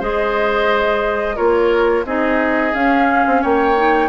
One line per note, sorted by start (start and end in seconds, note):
0.00 1.37 G#3
0.00 1.36 G#4
0.00 1.36 C5
0.00 1.37 D#5
1.36 2.05 A#3
1.36 2.04 F4
1.36 2.05 A#4
1.36 2.05 C#5
2.05 2.73 C4
2.05 2.74 D#4
2.05 3.42 G#4
2.05 2.75 D#5
2.74 3.76 C#4
2.74 3.26 C#4
2.74 3.43 F5
3.27 3.44 C4
3.42 4.09 A#3
3.42 4.09 C#5
3.42 4.09 G5
3.76 4.09 D#4